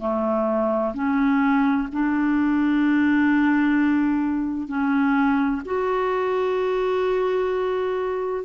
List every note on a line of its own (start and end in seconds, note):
0.00 0.94 A3
0.94 1.88 C#4
1.93 4.68 D4
4.68 5.62 C#4
5.65 8.45 F#4